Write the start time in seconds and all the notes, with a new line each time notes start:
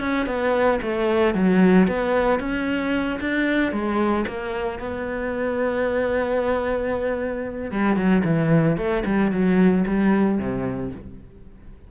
0.00 C#4
0.27 B3
0.82 A3
1.34 F#3
1.88 B3
2.39 C#4
3.20 D4
3.72 G#3
4.27 A#3
4.79 B3
7.71 G3
7.96 F#3
8.24 E3
8.77 A3
9.05 G3
9.32 F#3
9.87 G3
10.38 C3